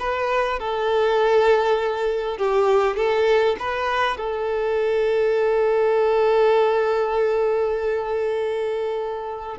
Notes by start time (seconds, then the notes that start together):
0.00 B4
0.59 A4
2.38 G4
2.97 A4
3.59 B4
4.17 A4